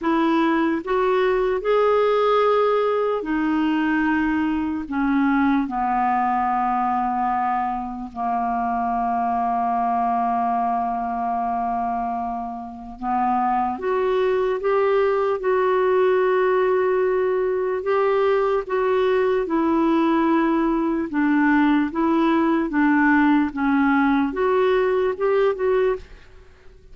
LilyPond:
\new Staff \with { instrumentName = "clarinet" } { \time 4/4 \tempo 4 = 74 e'4 fis'4 gis'2 | dis'2 cis'4 b4~ | b2 ais2~ | ais1 |
b4 fis'4 g'4 fis'4~ | fis'2 g'4 fis'4 | e'2 d'4 e'4 | d'4 cis'4 fis'4 g'8 fis'8 | }